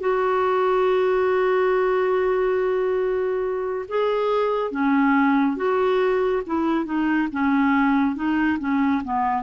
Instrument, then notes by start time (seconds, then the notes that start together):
clarinet
0.00 F#4
3.88 G#4
4.71 C#4
5.56 F#4
6.46 E4
6.85 D#4
7.32 C#4
8.15 D#4
8.59 C#4
9.04 B3